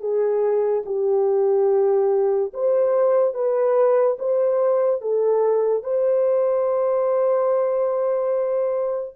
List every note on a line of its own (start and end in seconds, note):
0.00 0.83 G#4
0.86 2.53 G4
2.53 3.34 C5
3.34 4.17 B4
4.19 5.01 C5
5.01 5.83 A4
5.83 9.16 C5